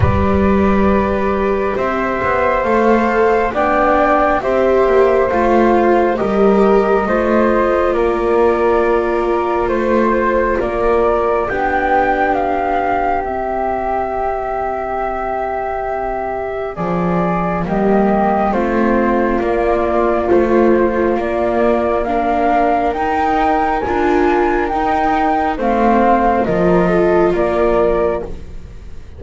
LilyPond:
<<
  \new Staff \with { instrumentName = "flute" } { \time 4/4 \tempo 4 = 68 d''2 e''4 f''4 | g''4 e''4 f''4 dis''4~ | dis''4 d''2 c''4 | d''4 g''4 f''4 e''4~ |
e''2. d''4 | dis''4 c''4 d''4 c''4 | d''4 f''4 g''4 gis''4 | g''4 f''4 dis''4 d''4 | }
  \new Staff \with { instrumentName = "flute" } { \time 4/4 b'2 c''2 | d''4 c''2 ais'4 | c''4 ais'2 c''4 | ais'4 g'2.~ |
g'2. gis'4 | g'4 f'2.~ | f'4 ais'2.~ | ais'4 c''4 ais'8 a'8 ais'4 | }
  \new Staff \with { instrumentName = "viola" } { \time 4/4 g'2. a'4 | d'4 g'4 f'4 g'4 | f'1~ | f'4 d'2 c'4~ |
c'1 | ais4 c'4 ais4 f4 | ais4 d'4 dis'4 f'4 | dis'4 c'4 f'2 | }
  \new Staff \with { instrumentName = "double bass" } { \time 4/4 g2 c'8 b8 a4 | b4 c'8 ais8 a4 g4 | a4 ais2 a4 | ais4 b2 c'4~ |
c'2. f4 | g4 a4 ais4 a4 | ais2 dis'4 d'4 | dis'4 a4 f4 ais4 | }
>>